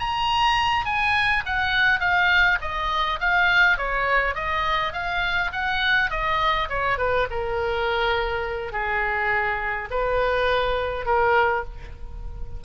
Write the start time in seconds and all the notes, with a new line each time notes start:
0.00 A#5
0.86 G#5
1.46 F#5
2.00 F5
2.62 D#5
3.20 F5
3.78 C#5
4.35 D#5
4.93 F5
5.53 F#5
6.11 D#5
6.69 C#5
6.98 B4
7.31 A#4
8.73 G#4
9.91 B4
11.06 A#4